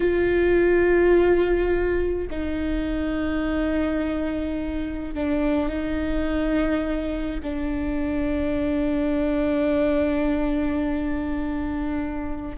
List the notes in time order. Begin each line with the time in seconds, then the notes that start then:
0.00 F4
2.30 D#4
5.14 D4
5.69 D#4
7.43 D4